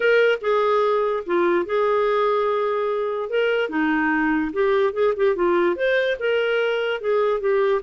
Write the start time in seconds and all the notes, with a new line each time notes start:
0.00 A#4
0.41 G#4
1.26 F4
1.65 G#4
3.29 A#4
3.69 D#4
4.52 G4
4.93 G#4
5.16 G4
5.35 F4
5.75 C5
6.19 A#4
7.00 G#4
7.40 G4